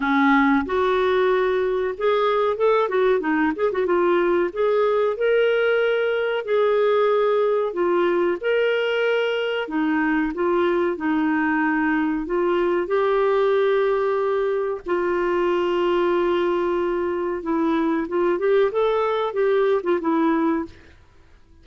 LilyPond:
\new Staff \with { instrumentName = "clarinet" } { \time 4/4 \tempo 4 = 93 cis'4 fis'2 gis'4 | a'8 fis'8 dis'8 gis'16 fis'16 f'4 gis'4 | ais'2 gis'2 | f'4 ais'2 dis'4 |
f'4 dis'2 f'4 | g'2. f'4~ | f'2. e'4 | f'8 g'8 a'4 g'8. f'16 e'4 | }